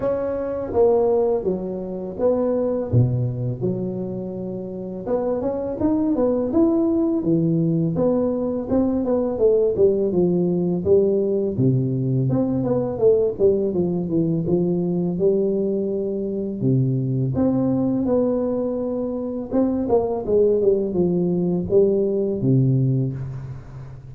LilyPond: \new Staff \with { instrumentName = "tuba" } { \time 4/4 \tempo 4 = 83 cis'4 ais4 fis4 b4 | b,4 fis2 b8 cis'8 | dis'8 b8 e'4 e4 b4 | c'8 b8 a8 g8 f4 g4 |
c4 c'8 b8 a8 g8 f8 e8 | f4 g2 c4 | c'4 b2 c'8 ais8 | gis8 g8 f4 g4 c4 | }